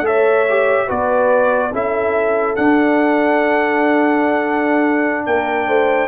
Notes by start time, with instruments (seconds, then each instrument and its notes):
0.00 tuba A3, trombone A4, trumpet E5
0.06 horn C#5
0.49 trombone G4
0.86 tuba B3, trombone F#4, horn B4, trumpet D5
1.72 tuba C#4, trombone E4, horn A4, trumpet E5
2.55 trombone D4, tuba D4, trumpet F#5
5.26 tuba A#3, horn A#4, trumpet G5
5.67 tuba A3, horn C5